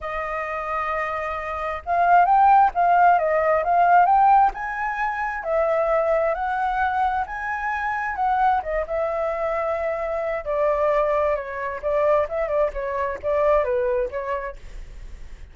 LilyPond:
\new Staff \with { instrumentName = "flute" } { \time 4/4 \tempo 4 = 132 dis''1 | f''4 g''4 f''4 dis''4 | f''4 g''4 gis''2 | e''2 fis''2 |
gis''2 fis''4 dis''8 e''8~ | e''2. d''4~ | d''4 cis''4 d''4 e''8 d''8 | cis''4 d''4 b'4 cis''4 | }